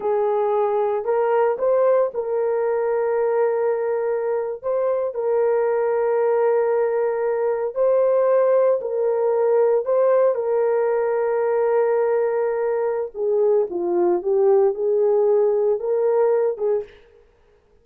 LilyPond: \new Staff \with { instrumentName = "horn" } { \time 4/4 \tempo 4 = 114 gis'2 ais'4 c''4 | ais'1~ | ais'8. c''4 ais'2~ ais'16~ | ais'2~ ais'8. c''4~ c''16~ |
c''8. ais'2 c''4 ais'16~ | ais'1~ | ais'4 gis'4 f'4 g'4 | gis'2 ais'4. gis'8 | }